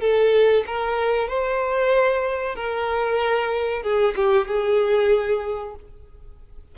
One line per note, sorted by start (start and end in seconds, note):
0.00 0.64 A4
0.66 1.28 A#4
1.28 2.55 C5
2.55 3.82 A#4
3.82 4.14 G#4
4.16 4.47 G4
4.47 5.75 G#4